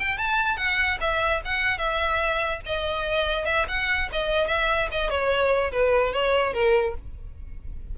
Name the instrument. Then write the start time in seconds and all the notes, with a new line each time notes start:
violin
0.00 G5
0.18 A5
0.58 F#5
1.01 E5
1.45 F#5
1.79 E5
2.67 D#5
3.46 E5
3.69 F#5
4.13 D#5
4.48 E5
4.92 D#5
5.10 C#5
5.73 B4
6.13 C#5
6.54 A#4